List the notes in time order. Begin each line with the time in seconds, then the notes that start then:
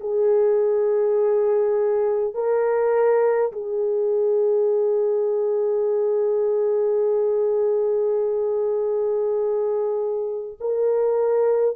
0.00 G#4
2.34 A#4
3.52 G#4
10.60 A#4